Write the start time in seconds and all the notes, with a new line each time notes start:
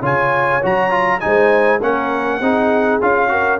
0.00 C#3 F4 C#5 G#5
0.62 F#3 F#4 A#5
0.90 F4
1.20 G#3 D#4 C5 G#5
1.79 A#3 C#4 A#4 F#5
2.40 C4 D#4 G#4
3.01 C#4 F4 F5
3.29 F#4 A#4